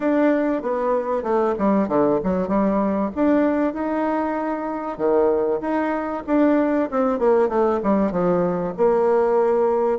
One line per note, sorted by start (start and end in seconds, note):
0.00 0.61 D4
0.61 1.23 B3
1.23 1.54 A3
1.58 1.88 G3
1.88 2.19 D3
2.23 2.48 F#3
2.48 3.10 G3
3.15 3.73 D4
3.73 4.97 D#4
4.97 5.59 D#3
5.60 6.23 D#4
6.27 6.89 D4
6.90 7.18 C4
7.18 7.48 A#3
7.48 7.80 A3
7.83 8.11 G3
8.11 8.74 F3
8.77 9.98 A#3